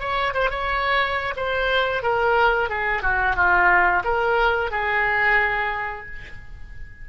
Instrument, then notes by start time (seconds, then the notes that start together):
oboe
0.00 C#5
0.34 C5
0.51 C#5
1.36 C5
2.03 A#4
2.70 G#4
3.02 F#4
3.36 F4
4.04 A#4
4.72 G#4